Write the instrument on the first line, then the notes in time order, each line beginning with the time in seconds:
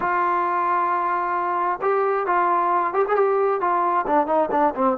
trombone
0.00 F4
1.81 G4
2.26 F4
2.93 G4
3.08 G#4
3.15 G4
3.60 F4
4.07 D4
4.26 D#4
4.51 D4
4.75 C4